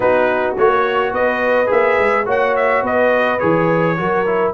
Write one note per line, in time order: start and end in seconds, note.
0.00 0.56 B3
0.00 0.56 D#4
0.00 1.12 F#4
0.00 0.54 B4
0.57 1.11 A#3
0.57 1.66 F#4
0.57 1.14 C#5
1.11 1.68 B3
1.11 2.26 B4
1.11 1.70 D#5
1.66 1.98 A#3
1.66 2.23 G#4
1.66 2.27 E5
1.98 2.26 G#3
2.25 2.82 A#3
2.25 3.38 F#4
2.25 2.82 C#5
2.25 2.55 F#5
2.55 2.84 E5
2.82 3.39 B3
2.82 3.95 B4
2.82 3.39 D#5
3.39 3.99 E3
3.39 3.96 G#4
3.39 4.52 C#5
3.97 4.53 F#3
3.97 4.25 F#4
3.97 4.53 A#4
4.26 4.53 E4